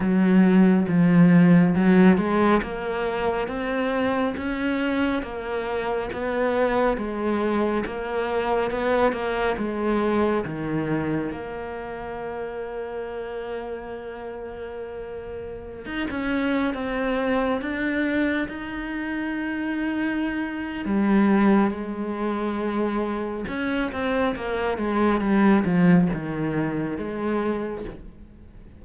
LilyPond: \new Staff \with { instrumentName = "cello" } { \time 4/4 \tempo 4 = 69 fis4 f4 fis8 gis8 ais4 | c'4 cis'4 ais4 b4 | gis4 ais4 b8 ais8 gis4 | dis4 ais2.~ |
ais2~ ais16 dis'16 cis'8. c'8.~ | c'16 d'4 dis'2~ dis'8. | g4 gis2 cis'8 c'8 | ais8 gis8 g8 f8 dis4 gis4 | }